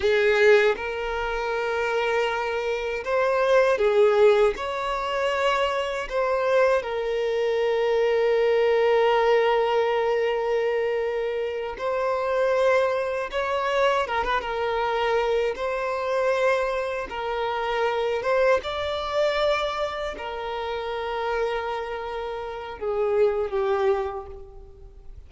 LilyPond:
\new Staff \with { instrumentName = "violin" } { \time 4/4 \tempo 4 = 79 gis'4 ais'2. | c''4 gis'4 cis''2 | c''4 ais'2.~ | ais'2.~ ais'8 c''8~ |
c''4. cis''4 ais'16 b'16 ais'4~ | ais'8 c''2 ais'4. | c''8 d''2 ais'4.~ | ais'2 gis'4 g'4 | }